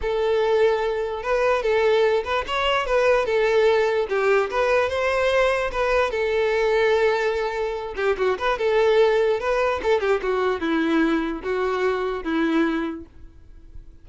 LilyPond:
\new Staff \with { instrumentName = "violin" } { \time 4/4 \tempo 4 = 147 a'2. b'4 | a'4. b'8 cis''4 b'4 | a'2 g'4 b'4 | c''2 b'4 a'4~ |
a'2.~ a'8 g'8 | fis'8 b'8 a'2 b'4 | a'8 g'8 fis'4 e'2 | fis'2 e'2 | }